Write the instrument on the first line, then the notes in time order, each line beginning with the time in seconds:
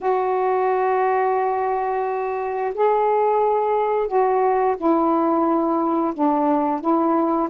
saxophone
0.00 F#4
2.74 G#4
4.07 F#4
4.77 E4
6.14 D4
6.80 E4